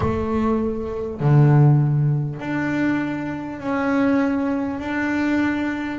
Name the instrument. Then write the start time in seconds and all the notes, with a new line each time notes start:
double bass
0.00 A3
1.20 D3
2.39 D4
3.59 C#4
4.79 D4